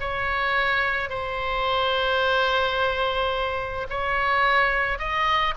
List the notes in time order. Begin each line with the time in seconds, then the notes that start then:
0.00 C#5
1.09 C5
3.90 C#5
4.98 D#5